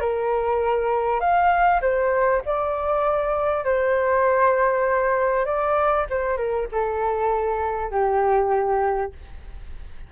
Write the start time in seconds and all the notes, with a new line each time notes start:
0.00 A#4
1.20 F5
1.81 C5
2.45 D5
3.65 C5
5.45 D5
6.10 C5
6.37 A#4
6.72 A4
7.91 G4